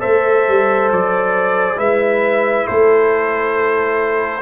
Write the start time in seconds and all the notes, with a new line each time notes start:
0.00 A3 A4 C5 E5
0.48 G3
0.91 F#3 D5
1.76 G#3 E4 B4 E5
2.67 A3 A4 C5